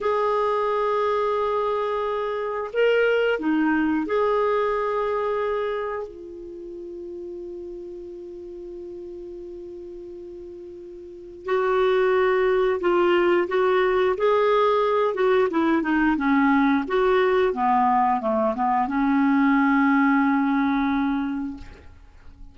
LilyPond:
\new Staff \with { instrumentName = "clarinet" } { \time 4/4 \tempo 4 = 89 gis'1 | ais'4 dis'4 gis'2~ | gis'4 f'2.~ | f'1~ |
f'4 fis'2 f'4 | fis'4 gis'4. fis'8 e'8 dis'8 | cis'4 fis'4 b4 a8 b8 | cis'1 | }